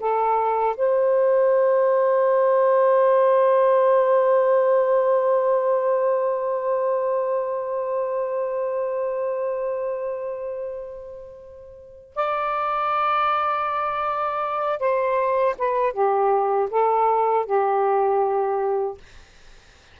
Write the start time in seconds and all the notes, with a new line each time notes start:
0.00 A4
0.77 C5
12.16 D5
14.80 C5
15.58 B4
15.94 G4
16.71 A4
17.46 G4